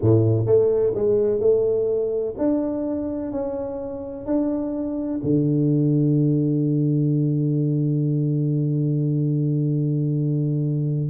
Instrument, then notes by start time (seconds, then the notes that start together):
tuba
0.01 A2
0.46 A3
0.94 G#3
1.40 A3
2.38 D4
3.31 C#4
4.25 D4
5.23 D3